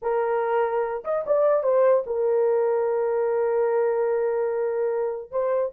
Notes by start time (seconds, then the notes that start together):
0.02 A#4
1.04 D#5
1.26 D5
1.63 C5
2.06 A#4
5.31 C5